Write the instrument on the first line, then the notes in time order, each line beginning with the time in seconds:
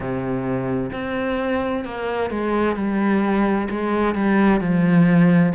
cello
0.00 C3
0.92 C4
1.85 A#3
2.30 G#3
2.76 G3
3.70 G#3
4.15 G3
4.60 F3